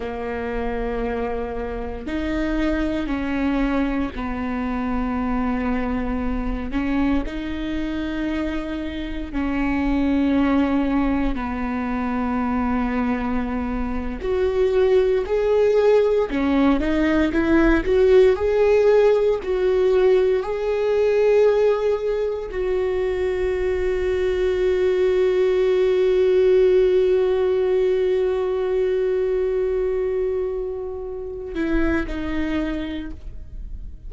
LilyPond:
\new Staff \with { instrumentName = "viola" } { \time 4/4 \tempo 4 = 58 ais2 dis'4 cis'4 | b2~ b8 cis'8 dis'4~ | dis'4 cis'2 b4~ | b4.~ b16 fis'4 gis'4 cis'16~ |
cis'16 dis'8 e'8 fis'8 gis'4 fis'4 gis'16~ | gis'4.~ gis'16 fis'2~ fis'16~ | fis'1~ | fis'2~ fis'8 e'8 dis'4 | }